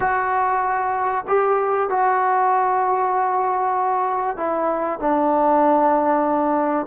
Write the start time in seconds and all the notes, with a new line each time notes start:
0.00 F#4
1.27 G4
1.89 F#4
4.37 E4
4.99 D4